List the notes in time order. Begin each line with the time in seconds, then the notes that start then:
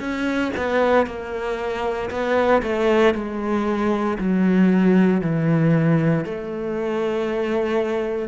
0.00 C#4
0.57 B3
1.07 A#3
2.10 B3
2.63 A3
3.15 G#3
4.18 F#3
5.21 E3
6.25 A3